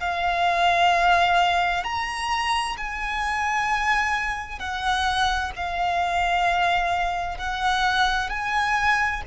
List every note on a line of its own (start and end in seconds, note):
0.00 1.84 F5
1.84 2.76 A#5
2.77 4.59 G#5
4.59 5.51 F#5
5.56 7.38 F5
7.38 8.30 F#5
8.30 9.22 G#5